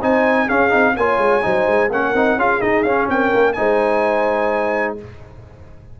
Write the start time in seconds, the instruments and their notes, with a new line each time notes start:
0.00 tuba C4, trombone D#4, horn C5, trumpet G#5
0.46 trombone C#4, tuba C#4, horn G#4, trumpet F5
0.69 tuba C4, trombone D#4
0.96 tuba A#3, trombone F4, horn C#5, trumpet G#5
1.18 tuba G#3
1.42 tuba F#3, trombone D#4, horn C5
1.66 tuba G#3
1.89 tuba A#3, trombone C#4, horn A#4, trumpet F#5
2.14 tuba C4, trombone D#4
2.36 tuba C#4, trombone F4, horn G#4, trumpet F5
2.61 trombone D#4, tuba D#4, trumpet D#5
2.82 tuba C#4, trombone C#4, trumpet F5
3.08 tuba C4, horn A#4, trumpet G5
3.34 tuba A#3
3.53 tuba G#3, trombone D#4, horn C5, trumpet G#5